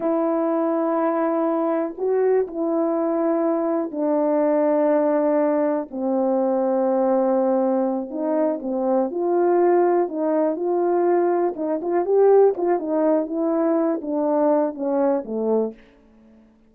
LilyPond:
\new Staff \with { instrumentName = "horn" } { \time 4/4 \tempo 4 = 122 e'1 | fis'4 e'2. | d'1 | c'1~ |
c'8 dis'4 c'4 f'4.~ | f'8 dis'4 f'2 dis'8 | f'8 g'4 f'8 dis'4 e'4~ | e'8 d'4. cis'4 a4 | }